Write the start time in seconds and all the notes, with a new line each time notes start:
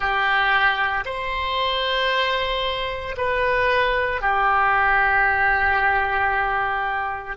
0.00 G4
1.05 C5
3.17 B4
4.21 G4